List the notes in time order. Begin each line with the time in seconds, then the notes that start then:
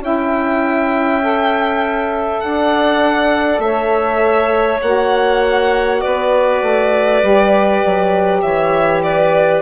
0.00 C#4 E4 E5 G5
1.22 A4
2.40 D4 D5 F#5
3.59 A3 C#5 E5
4.82 A#3 F#4 F#5
6.01 B3 B4 D5
6.62 A3
7.23 G3 G4
7.85 F#3
8.42 E3 C#5 E5
9.03 B4 D5